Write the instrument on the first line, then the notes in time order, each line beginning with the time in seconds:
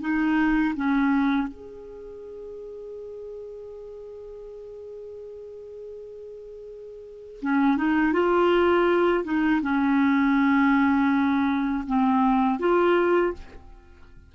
clarinet
0.00 D#4
0.75 C#4
1.47 G#4
7.41 C#4
7.76 D#4
8.13 F4
9.24 D#4
9.61 C#4
11.87 C4
12.59 F4